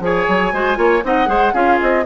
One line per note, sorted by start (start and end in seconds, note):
0.00 0.25 F3
0.00 0.53 G#4
0.00 0.53 C#5
0.00 1.05 G#5
0.28 0.53 F#3
0.53 0.78 G#3
0.53 0.75 F#4
0.53 0.78 C5
0.75 1.03 A#3
0.75 1.01 F4
0.75 1.04 C#5
1.04 1.27 C4
1.04 1.26 D#4
1.04 1.29 D#5
1.04 1.54 F#5
1.26 1.53 G#3
1.26 1.52 G#4
1.26 1.53 C5
1.53 1.79 C#4
1.53 2.05 F4
1.53 2.04 G#4
1.53 1.80 F5
1.80 2.06 C4
1.80 2.06 D#5